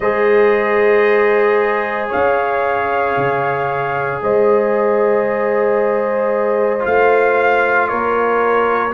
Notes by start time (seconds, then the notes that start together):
0.00 G#3 G#4 C5 D#5
2.09 C#4 C#5 F5
3.16 C#3
4.21 G#3 C5 D#5
6.79 F4 F5
6.86 A3
7.88 A#3 A#4 C#5